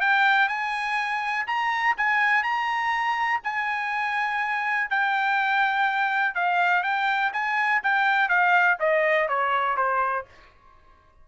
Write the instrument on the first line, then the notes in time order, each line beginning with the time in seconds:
trumpet
0.00 G5
0.48 G#5
1.47 A#5
1.97 G#5
2.43 A#5
3.43 G#5
4.90 G5
6.34 F5
6.83 G5
7.33 G#5
7.83 G5
8.29 F5
8.79 D#5
9.28 C#5
9.76 C5